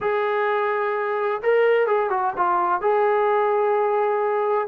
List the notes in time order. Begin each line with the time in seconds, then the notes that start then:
0.00 G#4
1.42 A#4
1.86 G#4
2.10 F#4
2.37 F4
2.81 G#4